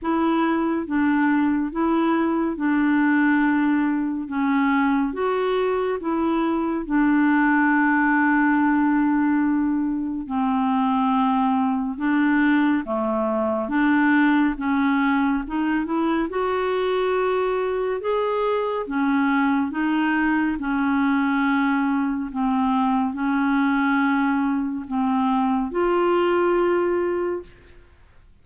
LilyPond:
\new Staff \with { instrumentName = "clarinet" } { \time 4/4 \tempo 4 = 70 e'4 d'4 e'4 d'4~ | d'4 cis'4 fis'4 e'4 | d'1 | c'2 d'4 a4 |
d'4 cis'4 dis'8 e'8 fis'4~ | fis'4 gis'4 cis'4 dis'4 | cis'2 c'4 cis'4~ | cis'4 c'4 f'2 | }